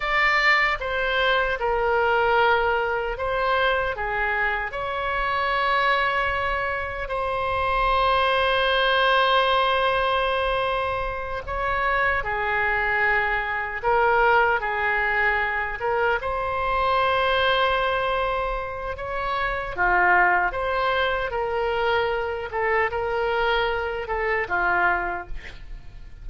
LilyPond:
\new Staff \with { instrumentName = "oboe" } { \time 4/4 \tempo 4 = 76 d''4 c''4 ais'2 | c''4 gis'4 cis''2~ | cis''4 c''2.~ | c''2~ c''8 cis''4 gis'8~ |
gis'4. ais'4 gis'4. | ais'8 c''2.~ c''8 | cis''4 f'4 c''4 ais'4~ | ais'8 a'8 ais'4. a'8 f'4 | }